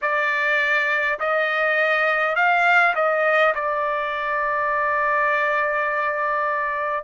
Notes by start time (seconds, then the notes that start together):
0.01 D5
1.19 D#5
2.35 F5
2.95 D#5
3.55 D5